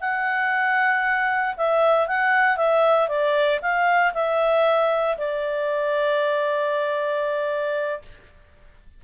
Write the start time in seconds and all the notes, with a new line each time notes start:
0.00 F#5
1.56 E5
2.07 F#5
2.56 E5
3.08 D5
3.61 F5
4.13 E5
5.17 D5